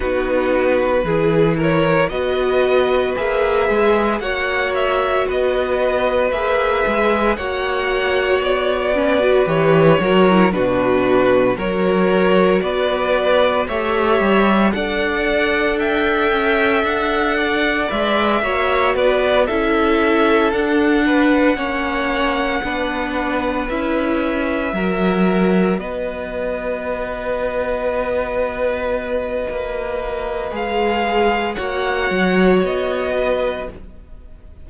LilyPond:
<<
  \new Staff \with { instrumentName = "violin" } { \time 4/4 \tempo 4 = 57 b'4. cis''8 dis''4 e''4 | fis''8 e''8 dis''4 e''4 fis''4 | d''4 cis''4 b'4 cis''4 | d''4 e''4 fis''4 g''4 |
fis''4 e''4 d''8 e''4 fis''8~ | fis''2~ fis''8 e''4.~ | e''8 dis''2.~ dis''8~ | dis''4 f''4 fis''4 dis''4 | }
  \new Staff \with { instrumentName = "violin" } { \time 4/4 fis'4 gis'8 ais'8 b'2 | cis''4 b'2 cis''4~ | cis''8 b'4 ais'8 fis'4 ais'4 | b'4 cis''4 d''4 e''4~ |
e''8 d''4 cis''8 b'8 a'4. | b'8 cis''4 b'2 ais'8~ | ais'8 b'2.~ b'8~ | b'2 cis''4. b'8 | }
  \new Staff \with { instrumentName = "viola" } { \time 4/4 dis'4 e'4 fis'4 gis'4 | fis'2 gis'4 fis'4~ | fis'8 cis'16 fis'16 g'8 fis'16 e'16 d'4 fis'4~ | fis'4 g'4 a'2~ |
a'4 b'8 fis'4 e'4 d'8~ | d'8 cis'4 d'4 e'4 fis'8~ | fis'1~ | fis'4 gis'4 fis'2 | }
  \new Staff \with { instrumentName = "cello" } { \time 4/4 b4 e4 b4 ais8 gis8 | ais4 b4 ais8 gis8 ais4 | b4 e8 fis8 b,4 fis4 | b4 a8 g8 d'4. cis'8 |
d'4 gis8 ais8 b8 cis'4 d'8~ | d'8 ais4 b4 cis'4 fis8~ | fis8 b2.~ b8 | ais4 gis4 ais8 fis8 b4 | }
>>